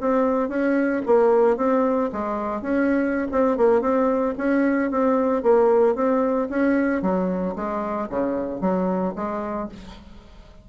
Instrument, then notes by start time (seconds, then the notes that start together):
bassoon
0.00 C4
0.49 C#4
1.05 A#3
1.56 C4
2.12 G#3
2.61 C#4
3.31 C4
3.57 A#3
3.81 C4
4.37 C#4
4.90 C4
5.43 A#3
5.95 C4
6.49 C#4
7.02 F#3
7.55 G#3
8.09 C#3
8.61 F#3
9.15 G#3